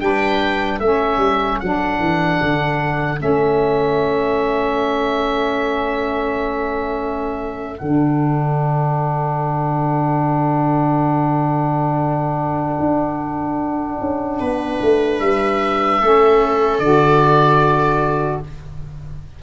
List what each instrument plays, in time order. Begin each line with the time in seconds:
0.00 tuba G3, saxophone D4, viola B4, oboe G5
0.79 tuba A3, saxophone C#4, viola A4, oboe E5
1.17 tuba G3
1.60 tuba F#3, saxophone D4, oboe F#5
1.99 tuba E3
2.41 tuba D3
3.17 tuba A3, saxophone C#4, oboe E5
7.78 tuba D3, saxophone D4, oboe F#5
12.80 tuba D4
14.01 tuba C#4
14.40 tuba B3, viola B4
14.82 tuba A3
15.20 tuba G3, oboe E5
16.01 tuba A3, saxophone C#4, viola A4
16.79 tuba D3, saxophone F#4, oboe D5